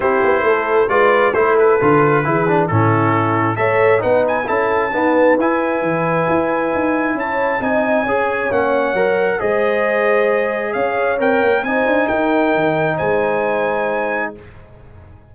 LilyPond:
<<
  \new Staff \with { instrumentName = "trumpet" } { \time 4/4 \tempo 4 = 134 c''2 d''4 c''8 b'8~ | b'2 a'2 | e''4 fis''8 gis''8 a''2 | gis''1 |
a''4 gis''2 fis''4~ | fis''4 dis''2. | f''4 g''4 gis''4 g''4~ | g''4 gis''2. | }
  \new Staff \with { instrumentName = "horn" } { \time 4/4 g'4 a'4 b'4 a'4~ | a'4 gis'4 e'2 | cis''4 b'4 a'4 b'4~ | b'1 |
cis''4 dis''4 cis''2~ | cis''4 c''2. | cis''2 c''4 ais'4~ | ais'4 c''2. | }
  \new Staff \with { instrumentName = "trombone" } { \time 4/4 e'2 f'4 e'4 | f'4 e'8 d'8 cis'2 | a'4 dis'4 e'4 b4 | e'1~ |
e'4 dis'4 gis'4 cis'4 | ais'4 gis'2.~ | gis'4 ais'4 dis'2~ | dis'1 | }
  \new Staff \with { instrumentName = "tuba" } { \time 4/4 c'8 b8 a4 gis4 a4 | d4 e4 a,2 | a4 b4 cis'4 dis'4 | e'4 e4 e'4 dis'4 |
cis'4 c'4 cis'4 ais4 | fis4 gis2. | cis'4 c'8 ais8 c'8 d'8 dis'4 | dis4 gis2. | }
>>